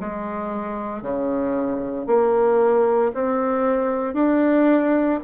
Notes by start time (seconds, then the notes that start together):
0.00 G#3
1.02 C#3
2.07 A#3
3.14 C4
4.14 D4